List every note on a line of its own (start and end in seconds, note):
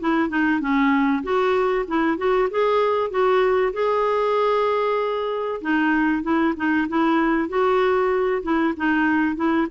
0.00 0.29 E4
0.29 0.61 D#4
0.61 1.23 C#4
1.23 1.86 F#4
1.88 2.18 E4
2.18 2.49 F#4
2.51 3.11 G#4
3.11 3.73 F#4
3.73 5.61 G#4
5.61 6.23 D#4
6.23 6.54 E4
6.57 6.88 D#4
6.88 7.49 E4
7.49 8.43 F#4
8.43 8.74 E4
8.77 9.36 D#4
9.36 9.67 E4